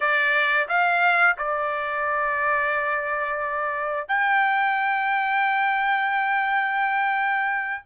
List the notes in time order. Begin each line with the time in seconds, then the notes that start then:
0.00 D5
0.68 F5
1.37 D5
4.08 G5